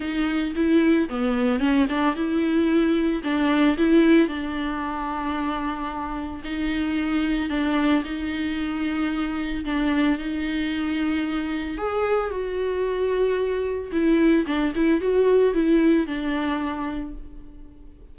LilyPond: \new Staff \with { instrumentName = "viola" } { \time 4/4 \tempo 4 = 112 dis'4 e'4 b4 cis'8 d'8 | e'2 d'4 e'4 | d'1 | dis'2 d'4 dis'4~ |
dis'2 d'4 dis'4~ | dis'2 gis'4 fis'4~ | fis'2 e'4 d'8 e'8 | fis'4 e'4 d'2 | }